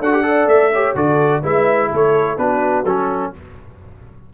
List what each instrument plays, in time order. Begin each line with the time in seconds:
0.00 tuba D4, trombone F#4, horn A4, trumpet F#5
0.13 trombone G4
0.24 trombone A4, horn D5
0.47 tuba A3, trumpet E5
0.73 trombone G4, horn C#5
0.95 tuba D3, trombone F#4, horn A4, trumpet D5
1.42 tuba G#3, trombone E4, horn B4, trumpet E5
1.90 tuba A3, horn A4, trumpet C#5
2.38 tuba B3, trombone D4, horn F#4, trumpet B4
2.85 tuba F#3, trombone C#4, trumpet A4